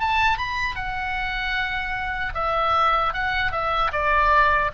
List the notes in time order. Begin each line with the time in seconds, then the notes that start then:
0.00 A5
0.38 B5
0.76 F#5
2.35 E5
3.14 F#5
3.52 E5
3.93 D5